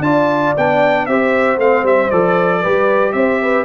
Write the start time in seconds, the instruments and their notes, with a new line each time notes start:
0.00 tuba D4, trombone F4, horn D5, trumpet A5
0.57 tuba B3, trombone D4, trumpet G5
1.06 tuba C4, trombone G4, horn C5, trumpet E5
1.58 tuba A3, trombone C4, trumpet F5
1.84 tuba G3, trumpet E5
2.11 tuba F3, trombone A4, trumpet D5
2.62 tuba G3, trombone G4, horn B4
3.13 tuba C4, horn C5, trumpet E5
3.43 horn B4